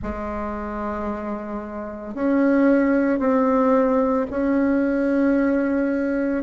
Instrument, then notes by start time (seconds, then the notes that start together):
bassoon
0.02 G#3
2.14 C#4
3.19 C4
4.30 C#4